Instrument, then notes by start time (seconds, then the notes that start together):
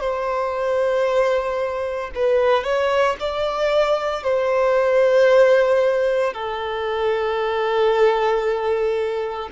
violin
0.00 C5
2.15 B4
2.64 C#5
3.20 D5
4.23 C5
6.33 A4